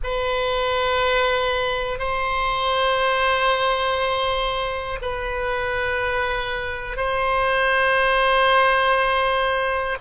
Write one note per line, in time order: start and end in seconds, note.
0.03 1.99 B4
1.99 4.99 C5
5.01 6.96 B4
6.96 9.96 C5